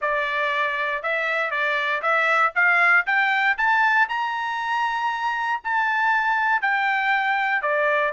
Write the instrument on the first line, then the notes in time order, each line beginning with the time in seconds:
trumpet
0.01 D5
1.02 E5
1.50 D5
2.02 E5
2.55 F5
3.06 G5
3.57 A5
4.08 A#5
5.63 A5
6.61 G5
7.62 D5